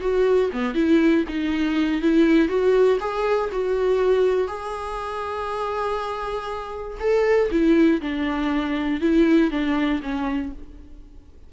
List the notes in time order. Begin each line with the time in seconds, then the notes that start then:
0.00 F#4
0.52 B3
0.74 E4
1.28 D#4
2.01 E4
2.48 F#4
3.00 G#4
3.52 F#4
4.47 G#4
6.99 A4
7.50 E4
8.01 D4
9.00 E4
9.50 D4
10.02 C#4